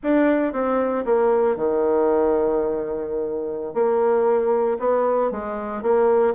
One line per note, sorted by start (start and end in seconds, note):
0.03 0.52 D4
0.52 1.04 C4
1.05 1.56 A#3
1.56 3.74 D#3
3.74 4.77 A#3
4.79 5.31 B3
5.31 5.82 G#3
5.82 6.34 A#3